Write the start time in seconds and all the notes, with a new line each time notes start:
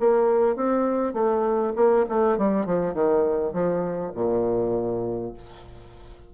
0.00 A#3
0.56 C4
1.14 A3
1.76 A#3
2.09 A3
2.38 G3
2.66 F3
2.94 D#3
3.53 F3
4.15 A#2